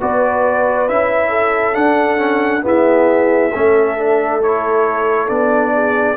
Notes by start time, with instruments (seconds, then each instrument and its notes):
0.00 tuba B3, trombone F#4, horn B4, trumpet D5
0.89 tuba C#4, trombone E4, trumpet E5
1.29 horn A4
1.74 trombone D4, tuba D4, trumpet F#5
2.17 trombone C#4
2.62 trombone B3, tuba E4, horn G#4, trumpet E5
3.53 tuba A3, trombone C#4, horn A4
3.98 trombone D4
4.42 trombone E4, trumpet C#5
5.28 tuba B3, trombone D4, trumpet D5
5.74 horn G#4